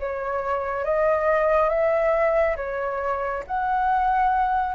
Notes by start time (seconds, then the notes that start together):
0.00 C#5
0.85 D#5
1.69 E5
2.57 C#5
3.47 F#5